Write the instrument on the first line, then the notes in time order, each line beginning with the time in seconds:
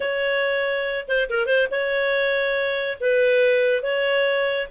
clarinet
0.00 C#5
1.08 C5
1.29 A#4
1.46 C5
1.70 C#5
3.00 B4
3.82 C#5